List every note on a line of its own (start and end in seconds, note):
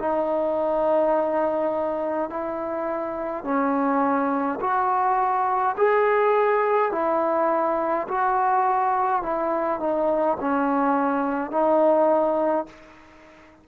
0.00 2.30 D#4
2.30 3.45 E4
3.45 4.60 C#4
4.61 5.76 F#4
5.78 6.92 G#4
6.92 8.08 E4
8.09 9.23 F#4
9.23 9.80 E4
9.80 10.38 D#4
10.41 11.52 C#4
11.52 12.67 D#4